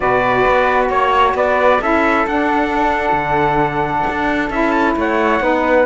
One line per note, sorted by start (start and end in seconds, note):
0.00 0.45 B2
0.00 1.79 F#4
0.00 0.90 B4
0.00 0.87 D5
0.46 0.89 B3
0.89 1.34 A#3
0.89 1.34 C#5
0.89 1.35 C#5
1.34 1.79 B3
1.34 1.80 B4
1.34 1.81 D5
1.81 2.26 C#4
1.81 2.26 E4
1.81 4.97 A4
1.81 2.27 E5
2.26 3.12 D4
2.26 4.51 D4
2.26 4.50 F#5
3.12 4.02 D3
4.09 4.50 D4
4.50 4.95 C#4
4.50 5.40 E4
4.50 4.71 E5
4.71 4.93 A5
4.96 5.39 A3
4.96 5.42 C#5
4.96 5.85 F#5
5.39 5.85 B3
5.39 5.85 D#4
5.39 5.85 B4